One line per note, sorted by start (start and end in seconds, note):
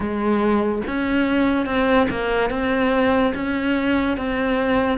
0.00 0.81 G#3
0.87 1.66 C#4
1.66 2.07 C4
2.10 2.50 A#3
2.50 3.33 C4
3.34 4.17 C#4
4.17 4.98 C4